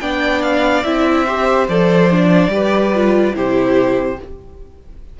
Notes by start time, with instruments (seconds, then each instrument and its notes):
0.00 cello B3, viola D4, violin D5 G5
0.42 violin F5
0.83 cello C4, viola E4, violin E5
1.25 viola G4, violin C5
1.68 cello F3, viola A4, violin D5
2.11 viola D4
2.48 cello G3, viola G4, violin B4
2.94 viola F4
3.34 cello C3, viola E4, violin G4 C5